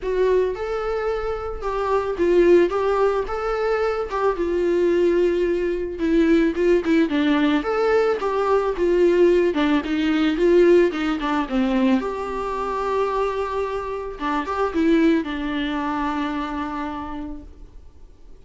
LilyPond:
\new Staff \with { instrumentName = "viola" } { \time 4/4 \tempo 4 = 110 fis'4 a'2 g'4 | f'4 g'4 a'4. g'8 | f'2. e'4 | f'8 e'8 d'4 a'4 g'4 |
f'4. d'8 dis'4 f'4 | dis'8 d'8 c'4 g'2~ | g'2 d'8 g'8 e'4 | d'1 | }